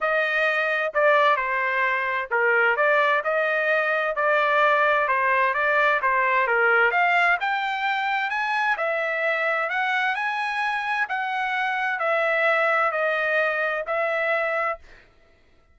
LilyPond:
\new Staff \with { instrumentName = "trumpet" } { \time 4/4 \tempo 4 = 130 dis''2 d''4 c''4~ | c''4 ais'4 d''4 dis''4~ | dis''4 d''2 c''4 | d''4 c''4 ais'4 f''4 |
g''2 gis''4 e''4~ | e''4 fis''4 gis''2 | fis''2 e''2 | dis''2 e''2 | }